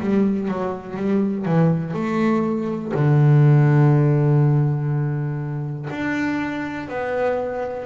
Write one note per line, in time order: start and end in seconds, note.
0.00 0.48 G3
0.48 0.96 F#3
0.96 1.45 G3
1.45 1.94 E3
1.94 2.92 A3
2.94 5.89 D3
5.90 6.88 D4
6.88 7.85 B3